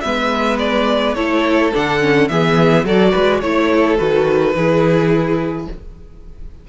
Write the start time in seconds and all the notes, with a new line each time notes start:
0.00 G#3 B3 B4 E5
0.58 D5
1.14 A3 E4 A4 C#5
1.73 D3 D4 F#5
1.99 C#4
2.28 E3 B3 G#4 E5
2.84 F#3 F#4 A4 D5
3.11 G#3 B4
3.40 A3 E4 C#5
3.73 A4
3.97 D#3 F#4 B4
4.54 E3 E4 G#4